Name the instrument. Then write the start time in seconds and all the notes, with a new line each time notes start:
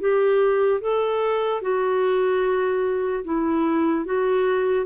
clarinet
0.00 G4
0.80 A4
1.61 F#4
3.24 E4
4.05 F#4